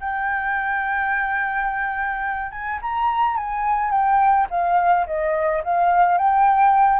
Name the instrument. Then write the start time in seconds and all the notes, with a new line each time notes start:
flute
0.00 G5
2.51 G#5
2.81 A#5
3.36 G#5
3.91 G5
4.50 F5
5.06 D#5
5.63 F5
6.18 G5